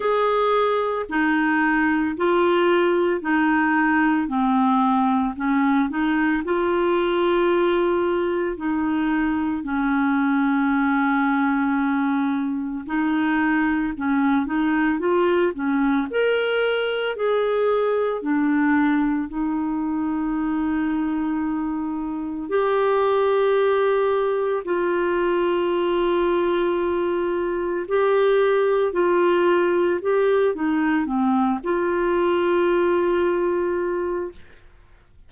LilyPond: \new Staff \with { instrumentName = "clarinet" } { \time 4/4 \tempo 4 = 56 gis'4 dis'4 f'4 dis'4 | c'4 cis'8 dis'8 f'2 | dis'4 cis'2. | dis'4 cis'8 dis'8 f'8 cis'8 ais'4 |
gis'4 d'4 dis'2~ | dis'4 g'2 f'4~ | f'2 g'4 f'4 | g'8 dis'8 c'8 f'2~ f'8 | }